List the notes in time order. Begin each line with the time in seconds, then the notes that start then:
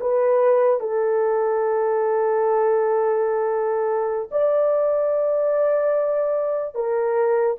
0.00 B4
0.80 A4
4.31 D5
6.75 A#4